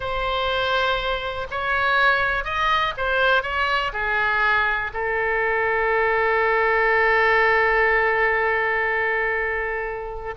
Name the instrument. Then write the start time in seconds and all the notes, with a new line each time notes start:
oboe
0.00 C5
1.50 C#5
2.44 D#5
2.97 C5
3.42 C#5
3.93 G#4
4.93 A4